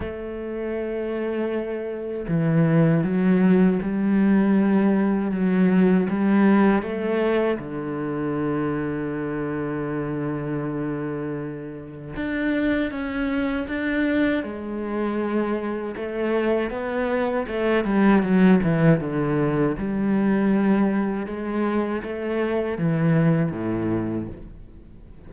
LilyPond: \new Staff \with { instrumentName = "cello" } { \time 4/4 \tempo 4 = 79 a2. e4 | fis4 g2 fis4 | g4 a4 d2~ | d1 |
d'4 cis'4 d'4 gis4~ | gis4 a4 b4 a8 g8 | fis8 e8 d4 g2 | gis4 a4 e4 a,4 | }